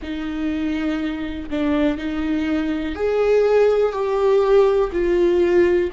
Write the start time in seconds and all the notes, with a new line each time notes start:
0.02 D#4
1.50 D4
1.97 D#4
2.95 G#4
3.92 G4
4.92 F4